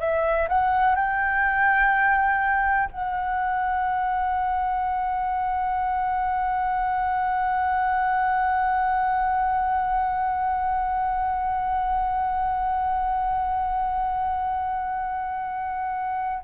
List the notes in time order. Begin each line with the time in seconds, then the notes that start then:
0.00 E5
0.49 F#5
0.95 G5
2.91 F#5